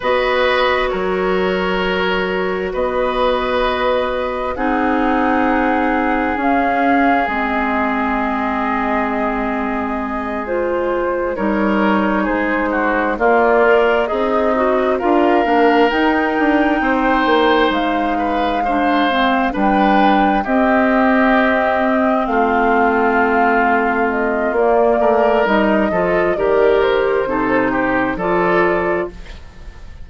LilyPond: <<
  \new Staff \with { instrumentName = "flute" } { \time 4/4 \tempo 4 = 66 dis''4 cis''2 dis''4~ | dis''4 fis''2 f''4 | dis''2.~ dis''8 c''8~ | c''8 cis''4 c''4 d''4 dis''8~ |
dis''8 f''4 g''2 f''8~ | f''4. g''4 dis''4.~ | dis''8 f''2 dis''8 d''4 | dis''4 d''8 c''4. d''4 | }
  \new Staff \with { instrumentName = "oboe" } { \time 4/4 b'4 ais'2 b'4~ | b'4 gis'2.~ | gis'1~ | gis'8 ais'4 gis'8 fis'8 f'4 dis'8~ |
dis'8 ais'2 c''4. | b'8 c''4 b'4 g'4.~ | g'8 f'2. ais'8~ | ais'8 a'8 ais'4 a'8 g'8 a'4 | }
  \new Staff \with { instrumentName = "clarinet" } { \time 4/4 fis'1~ | fis'4 dis'2 cis'4 | c'2.~ c'8 f'8~ | f'8 dis'2 ais8 ais'8 gis'8 |
fis'8 f'8 d'8 dis'2~ dis'8~ | dis'8 d'8 c'8 d'4 c'4.~ | c'2. ais4 | dis'8 f'8 g'4 dis'4 f'4 | }
  \new Staff \with { instrumentName = "bassoon" } { \time 4/4 b4 fis2 b4~ | b4 c'2 cis'4 | gis1~ | gis8 g4 gis4 ais4 c'8~ |
c'8 d'8 ais8 dis'8 d'8 c'8 ais8 gis8~ | gis4. g4 c'4.~ | c'8 a2~ a8 ais8 a8 | g8 f8 dis4 c4 f4 | }
>>